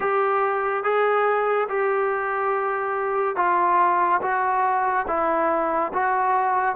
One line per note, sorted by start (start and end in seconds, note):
0.00 0.83 G4
0.83 1.67 G#4
1.68 3.36 G4
3.36 4.20 F4
4.21 5.06 F#4
5.07 5.92 E4
5.93 6.75 F#4